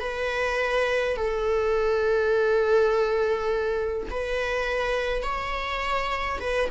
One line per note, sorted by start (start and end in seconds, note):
0.00 1.17 B4
1.17 4.08 A4
4.10 5.23 B4
5.23 6.39 C#5
6.40 6.69 B4